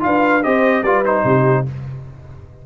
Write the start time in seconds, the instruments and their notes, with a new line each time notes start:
0.00 tuba D4, trombone F4, horn B4, trumpet F5
0.43 tuba C4, trombone G4, horn C5, trumpet D#5
0.82 tuba G3, trombone F4, horn B4, trumpet D5
1.05 trombone D#4, trumpet C5
1.24 tuba C3, horn G4